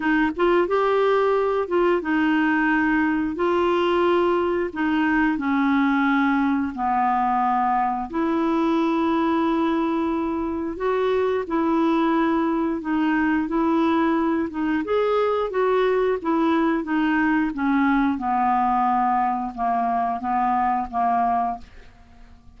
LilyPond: \new Staff \with { instrumentName = "clarinet" } { \time 4/4 \tempo 4 = 89 dis'8 f'8 g'4. f'8 dis'4~ | dis'4 f'2 dis'4 | cis'2 b2 | e'1 |
fis'4 e'2 dis'4 | e'4. dis'8 gis'4 fis'4 | e'4 dis'4 cis'4 b4~ | b4 ais4 b4 ais4 | }